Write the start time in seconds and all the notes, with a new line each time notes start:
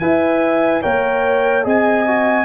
0.00 E4 B4 E5 G#5
0.83 A#3 A#4 C#5 G5
1.64 C4 G#4 D#5 G#5
2.07 F#4